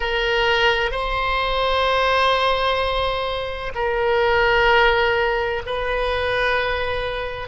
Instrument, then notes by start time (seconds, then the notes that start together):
oboe
0.00 A#4
0.91 C5
3.75 A#4
5.65 B4